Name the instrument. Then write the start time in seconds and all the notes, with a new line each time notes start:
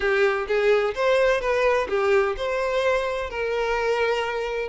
violin
0.00 G4
0.47 G#4
0.94 C5
1.40 B4
1.89 G4
2.37 C5
3.30 A#4